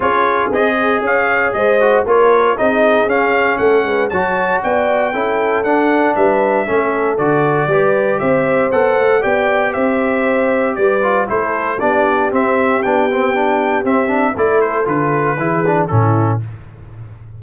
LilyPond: <<
  \new Staff \with { instrumentName = "trumpet" } { \time 4/4 \tempo 4 = 117 cis''4 dis''4 f''4 dis''4 | cis''4 dis''4 f''4 fis''4 | a''4 g''2 fis''4 | e''2 d''2 |
e''4 fis''4 g''4 e''4~ | e''4 d''4 c''4 d''4 | e''4 g''2 e''4 | d''8 c''8 b'2 a'4 | }
  \new Staff \with { instrumentName = "horn" } { \time 4/4 gis'2 cis''4 c''4 | ais'4 gis'2 a'8 b'8 | cis''4 d''4 a'2 | b'4 a'2 b'4 |
c''2 d''4 c''4~ | c''4 b'4 a'4 g'4~ | g'1 | a'2 gis'4 e'4 | }
  \new Staff \with { instrumentName = "trombone" } { \time 4/4 f'4 gis'2~ gis'8 fis'8 | f'4 dis'4 cis'2 | fis'2 e'4 d'4~ | d'4 cis'4 fis'4 g'4~ |
g'4 a'4 g'2~ | g'4. f'8 e'4 d'4 | c'4 d'8 c'8 d'4 c'8 d'8 | e'4 f'4 e'8 d'8 cis'4 | }
  \new Staff \with { instrumentName = "tuba" } { \time 4/4 cis'4 c'4 cis'4 gis4 | ais4 c'4 cis'4 a8 gis8 | fis4 b4 cis'4 d'4 | g4 a4 d4 g4 |
c'4 b8 a8 b4 c'4~ | c'4 g4 a4 b4 | c'4 b2 c'4 | a4 d4 e4 a,4 | }
>>